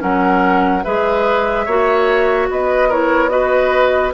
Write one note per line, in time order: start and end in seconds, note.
0.00 0.85 F#3
0.00 0.82 C#4
0.00 0.84 A#4
0.00 0.84 F#5
0.84 1.67 G#3
0.84 1.68 G#4
0.84 1.66 B4
0.84 2.49 E5
1.66 2.49 A#3
1.66 2.91 F#4
1.66 2.48 C#5
2.50 4.14 B3
2.50 2.89 B4
2.50 2.92 D#5
2.89 3.30 E4
2.89 3.30 A#4
2.89 3.29 C#5
3.29 4.12 F#4
3.29 4.14 B4
3.29 4.12 D#5